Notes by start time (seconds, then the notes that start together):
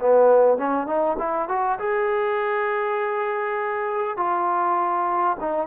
0.00 B3
0.58 C#4
0.87 D#4
1.19 E4
1.49 F#4
1.79 G#4
4.17 F4
5.40 D#4